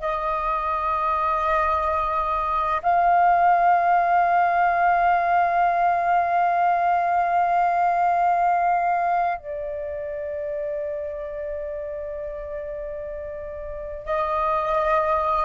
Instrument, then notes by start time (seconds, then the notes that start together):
flute
0.00 D#5
2.82 F5
9.37 D5
14.05 D#5